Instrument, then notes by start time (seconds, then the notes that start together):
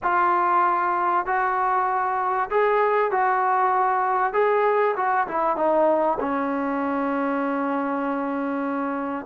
trombone
0.03 F4
1.26 F#4
2.50 G#4
3.11 F#4
4.33 G#4
4.96 F#4
5.27 E4
5.56 D#4
6.20 C#4